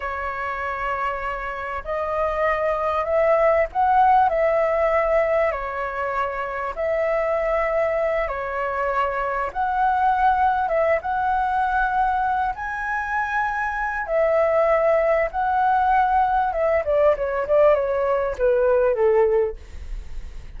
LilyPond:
\new Staff \with { instrumentName = "flute" } { \time 4/4 \tempo 4 = 98 cis''2. dis''4~ | dis''4 e''4 fis''4 e''4~ | e''4 cis''2 e''4~ | e''4. cis''2 fis''8~ |
fis''4. e''8 fis''2~ | fis''8 gis''2~ gis''8 e''4~ | e''4 fis''2 e''8 d''8 | cis''8 d''8 cis''4 b'4 a'4 | }